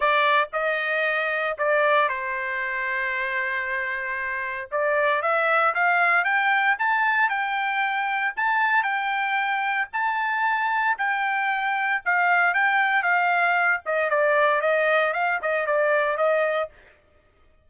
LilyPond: \new Staff \with { instrumentName = "trumpet" } { \time 4/4 \tempo 4 = 115 d''4 dis''2 d''4 | c''1~ | c''4 d''4 e''4 f''4 | g''4 a''4 g''2 |
a''4 g''2 a''4~ | a''4 g''2 f''4 | g''4 f''4. dis''8 d''4 | dis''4 f''8 dis''8 d''4 dis''4 | }